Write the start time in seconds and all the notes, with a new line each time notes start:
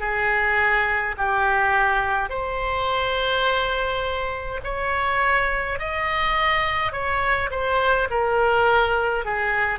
0.00 G#4
1.17 G4
2.30 C5
4.64 C#5
5.79 D#5
6.92 C#5
7.51 C5
8.10 A#4
9.25 G#4